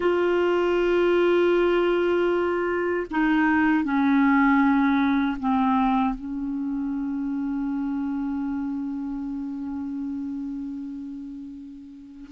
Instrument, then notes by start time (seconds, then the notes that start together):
clarinet
0.00 F4
3.10 D#4
3.84 C#4
5.39 C4
6.14 C#4